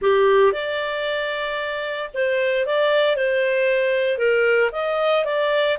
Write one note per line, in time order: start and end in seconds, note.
0.01 0.52 G4
0.52 2.10 D5
2.14 2.66 C5
2.66 3.16 D5
3.16 4.17 C5
4.17 4.70 A#4
4.72 5.24 D#5
5.25 5.77 D5